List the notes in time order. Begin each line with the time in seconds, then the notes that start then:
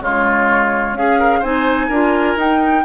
0.00 C#3 G#3 F4 C#5
0.93 C#4 G#4 F5
1.20 A#4
1.39 C4 D#4 C5 G#5
1.89 D4 F4 A#4
2.36 D#4 G5